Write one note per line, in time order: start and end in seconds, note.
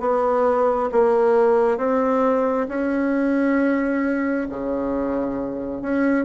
0.00 0.90 B3
0.92 1.77 A#3
1.77 2.67 C4
2.68 4.47 C#4
4.49 5.82 C#3
5.82 6.25 C#4